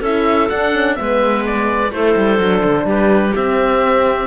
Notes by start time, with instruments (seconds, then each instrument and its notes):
0.00 cello C#4, horn E4, clarinet A4, oboe E5
0.49 horn D4, cello D4, oboe F#5
0.73 horn C#4
0.96 cello G#3, horn B3, clarinet B4, oboe E5
1.47 oboe D5
1.92 cello A3, horn E4, clarinet A4, oboe C5
2.17 cello G3
2.39 cello F#3, horn D4
2.64 cello D3
2.86 cello G3, clarinet G4, oboe B4
3.35 horn C4, cello C4, oboe E5